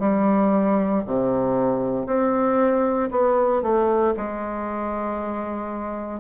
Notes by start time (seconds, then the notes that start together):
0.00 G3
1.06 C3
2.06 C4
3.11 B3
3.63 A3
4.17 G#3